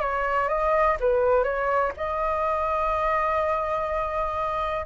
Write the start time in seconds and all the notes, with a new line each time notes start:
0.00 C#5
0.48 D#5
1.00 B4
1.44 C#5
1.96 D#5